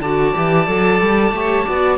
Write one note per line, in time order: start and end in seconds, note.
0.00 0.33 D3
0.00 0.34 F#4
0.00 1.35 D5
0.00 1.99 A5
0.34 0.68 E3
0.34 0.67 G4
0.67 1.01 F#3
0.67 1.33 A4
1.01 1.32 G3
1.32 1.65 A3
1.32 1.67 G4
1.32 1.65 C#5
1.65 1.99 B3
1.65 1.99 F#4
1.65 1.98 D5